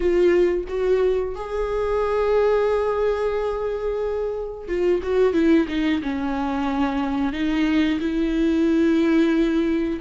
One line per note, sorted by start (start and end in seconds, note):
0.00 0.64 F4
0.68 1.35 F#4
1.35 4.68 G#4
4.68 5.01 F4
5.02 5.33 F#4
5.33 5.66 E4
5.68 6.01 D#4
6.02 7.32 C#4
7.32 7.99 D#4
8.00 10.00 E4